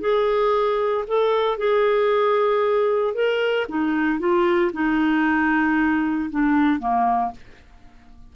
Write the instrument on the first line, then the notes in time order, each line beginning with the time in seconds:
clarinet
0.00 G#4
1.07 A4
1.57 G#4
3.14 A#4
3.68 D#4
4.19 F4
4.73 D#4
6.30 D4
6.79 A#3